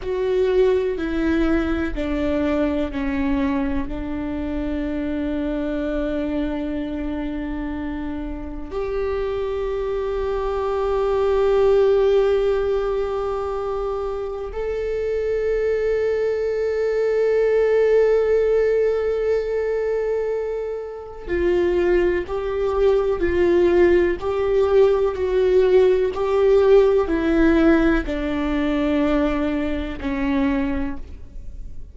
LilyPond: \new Staff \with { instrumentName = "viola" } { \time 4/4 \tempo 4 = 62 fis'4 e'4 d'4 cis'4 | d'1~ | d'4 g'2.~ | g'2. a'4~ |
a'1~ | a'2 f'4 g'4 | f'4 g'4 fis'4 g'4 | e'4 d'2 cis'4 | }